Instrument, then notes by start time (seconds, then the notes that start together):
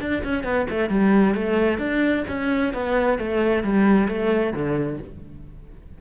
cello
0.00 D4
0.24 C#4
0.44 B3
0.70 A3
0.89 G3
1.35 A3
1.79 D4
2.28 C#4
2.74 B3
3.18 A3
3.63 G3
4.08 A3
4.53 D3